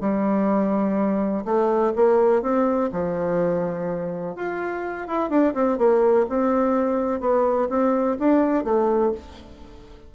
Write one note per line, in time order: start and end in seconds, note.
0.00 1.44 G3
1.44 1.92 A3
1.95 2.42 A#3
2.42 2.90 C4
2.91 4.35 F3
4.35 5.07 F4
5.07 5.29 E4
5.29 5.53 D4
5.54 5.78 C4
5.78 6.26 A#3
6.29 7.20 C4
7.20 7.68 B3
7.69 8.17 C4
8.19 8.64 D4
8.64 9.12 A3